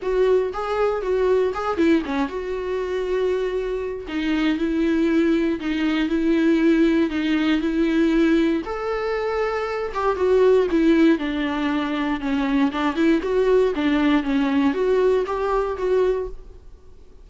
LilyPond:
\new Staff \with { instrumentName = "viola" } { \time 4/4 \tempo 4 = 118 fis'4 gis'4 fis'4 gis'8 e'8 | cis'8 fis'2.~ fis'8 | dis'4 e'2 dis'4 | e'2 dis'4 e'4~ |
e'4 a'2~ a'8 g'8 | fis'4 e'4 d'2 | cis'4 d'8 e'8 fis'4 d'4 | cis'4 fis'4 g'4 fis'4 | }